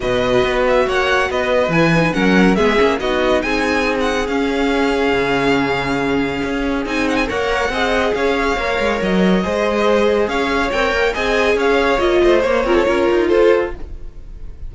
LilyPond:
<<
  \new Staff \with { instrumentName = "violin" } { \time 4/4 \tempo 4 = 140 dis''4. e''8 fis''4 dis''4 | gis''4 fis''4 e''4 dis''4 | gis''4~ gis''16 fis''8. f''2~ | f''1 |
gis''8 fis''16 gis''16 fis''2 f''4~ | f''4 dis''2. | f''4 g''4 gis''4 f''4 | dis''4 cis''2 c''4 | }
  \new Staff \with { instrumentName = "violin" } { \time 4/4 b'2 cis''4 b'4~ | b'4 ais'4 gis'4 fis'4 | gis'1~ | gis'1~ |
gis'4 cis''4 dis''4 cis''4~ | cis''2 c''2 | cis''2 dis''4 cis''4~ | cis''8 c''4 ais'16 a'16 ais'4 a'4 | }
  \new Staff \with { instrumentName = "viola" } { \time 4/4 fis'1 | e'8 dis'8 cis'4 b8 cis'8 dis'4~ | dis'2 cis'2~ | cis'1 |
dis'4 ais'4 gis'2 | ais'2 gis'2~ | gis'4 ais'4 gis'2 | f'4 ais8 f8 f'2 | }
  \new Staff \with { instrumentName = "cello" } { \time 4/4 b,4 b4 ais4 b4 | e4 fis4 gis8 ais8 b4 | c'2 cis'2 | cis2. cis'4 |
c'4 ais4 c'4 cis'4 | ais8 gis8 fis4 gis2 | cis'4 c'8 ais8 c'4 cis'4 | ais8 a8 ais8 c'8 cis'8 dis'8 f'4 | }
>>